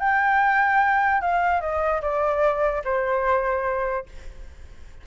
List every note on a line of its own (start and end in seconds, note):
0.00 1.22 G5
1.22 1.61 F5
1.61 2.02 D#5
2.02 2.83 D5
2.85 4.07 C5